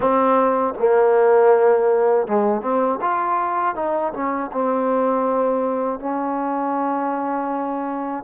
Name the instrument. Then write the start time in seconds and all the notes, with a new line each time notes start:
trombone
0.00 C4
0.78 A#3
2.27 G#3
2.61 C4
3.01 F4
3.75 D#4
4.13 C#4
4.52 C4
5.99 C#4